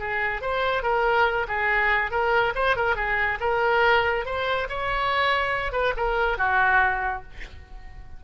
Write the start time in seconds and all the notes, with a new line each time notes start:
0.00 G#4
0.42 C5
0.83 A#4
1.48 G#4
2.11 A#4
2.56 C5
2.77 A#4
2.96 G#4
3.41 A#4
4.26 C5
4.70 C#5
5.73 B4
5.97 A#4
6.38 F#4